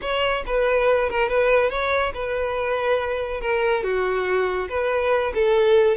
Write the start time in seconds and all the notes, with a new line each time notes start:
0.01 C#5
0.46 B4
1.09 A#4
1.28 B4
1.70 C#5
2.14 B4
3.40 A#4
3.83 F#4
4.69 B4
5.34 A4